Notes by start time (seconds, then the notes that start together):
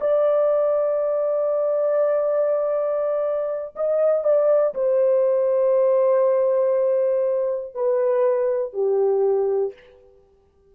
0.00 D5
3.75 D#5
4.24 D5
4.74 C5
7.74 B4
8.73 G4